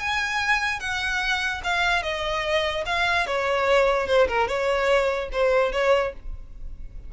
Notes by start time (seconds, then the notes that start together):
0.00 G#5
0.80 F#5
1.64 F5
2.03 D#5
2.86 F5
3.27 C#5
4.07 C5
4.28 A#4
4.48 C#5
5.32 C5
5.73 C#5